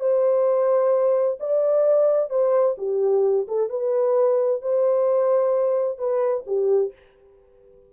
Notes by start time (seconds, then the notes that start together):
0.00 C5
1.40 D5
2.30 C5
2.78 G4
3.48 A4
3.69 B4
4.62 C5
5.98 B4
6.47 G4